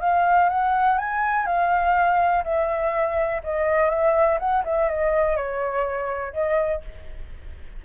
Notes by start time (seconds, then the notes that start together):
0.00 F5
0.49 F#5
0.97 G#5
1.46 F5
2.43 E5
3.43 D#5
3.89 E5
4.39 F#5
4.64 E5
4.88 D#5
5.36 C#5
6.33 D#5